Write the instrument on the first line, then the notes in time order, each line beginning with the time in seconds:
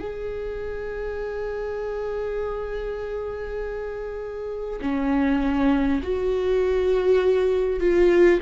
viola
0.00 G#4
4.82 C#4
6.03 F#4
7.80 F4